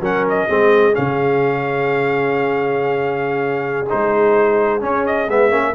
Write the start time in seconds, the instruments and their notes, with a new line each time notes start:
0.00 tuba F#3, trombone C#4, horn A#4, trumpet F#5
0.28 trumpet D#5
0.48 tuba G#3, trombone C4, horn G#4
0.92 tuba C#3, trombone C#4, trumpet F5
3.89 tuba G#3, trombone D#4, trumpet C5
4.80 trombone C#4, tuba C#4, trumpet C#5
5.06 trumpet D#5
5.28 tuba G#3, trombone B3, trumpet E5
5.50 tuba A#3, trombone C#4